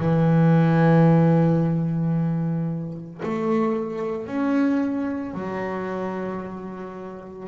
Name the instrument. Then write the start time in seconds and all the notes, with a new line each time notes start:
double bass
0.00 E3
3.23 A3
4.27 C#4
5.34 F#3